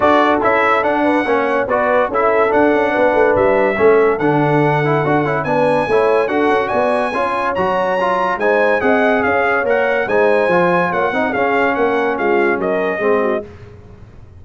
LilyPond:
<<
  \new Staff \with { instrumentName = "trumpet" } { \time 4/4 \tempo 4 = 143 d''4 e''4 fis''2 | d''4 e''4 fis''2 | e''2 fis''2~ | fis''4 gis''2 fis''4 |
gis''2 ais''2 | gis''4 fis''4 f''4 fis''4 | gis''2 fis''4 f''4 | fis''4 f''4 dis''2 | }
  \new Staff \with { instrumentName = "horn" } { \time 4/4 a'2~ a'8 b'8 cis''4 | b'4 a'2 b'4~ | b'4 a'2.~ | a'4 b'4 cis''4 a'4 |
d''4 cis''2. | c''4 dis''4 cis''2 | c''2 cis''8 dis''8 gis'4 | ais'4 f'4 ais'4 gis'8 fis'8 | }
  \new Staff \with { instrumentName = "trombone" } { \time 4/4 fis'4 e'4 d'4 cis'4 | fis'4 e'4 d'2~ | d'4 cis'4 d'4. e'8 | fis'8 e'8 d'4 e'4 fis'4~ |
fis'4 f'4 fis'4 f'4 | dis'4 gis'2 ais'4 | dis'4 f'4. dis'8 cis'4~ | cis'2. c'4 | }
  \new Staff \with { instrumentName = "tuba" } { \time 4/4 d'4 cis'4 d'4 ais4 | b4 cis'4 d'8 cis'8 b8 a8 | g4 a4 d2 | d'8 cis'8 b4 a4 d'8 cis'8 |
b4 cis'4 fis2 | gis4 c'4 cis'4 ais4 | gis4 f4 ais8 c'8 cis'4 | ais4 gis4 fis4 gis4 | }
>>